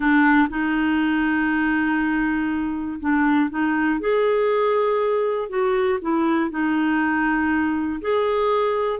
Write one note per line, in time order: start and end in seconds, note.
0.00 0.47 D4
0.49 2.99 D#4
3.00 3.50 D4
3.50 4.00 D#4
4.00 5.49 G#4
5.49 5.99 F#4
6.01 6.50 E4
6.50 8.00 D#4
8.01 9.00 G#4